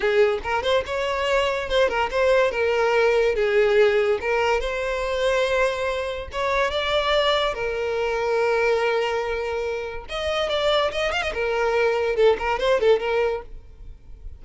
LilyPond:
\new Staff \with { instrumentName = "violin" } { \time 4/4 \tempo 4 = 143 gis'4 ais'8 c''8 cis''2 | c''8 ais'8 c''4 ais'2 | gis'2 ais'4 c''4~ | c''2. cis''4 |
d''2 ais'2~ | ais'1 | dis''4 d''4 dis''8 f''16 dis''16 ais'4~ | ais'4 a'8 ais'8 c''8 a'8 ais'4 | }